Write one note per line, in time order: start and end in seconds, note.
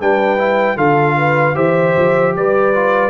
0.00 0.76 G3
0.00 0.38 D4
0.00 0.77 B4
0.00 0.77 G5
0.38 0.77 E4
0.76 1.55 D3
0.76 1.55 F4
0.76 1.16 A4
0.76 1.55 F5
1.17 1.55 B4
1.55 1.95 E3
1.55 2.73 G4
1.55 2.34 C5
1.55 2.34 E5
1.97 2.36 F3
2.36 3.10 G3
2.36 3.10 B4
2.36 3.10 D5
2.74 3.10 F4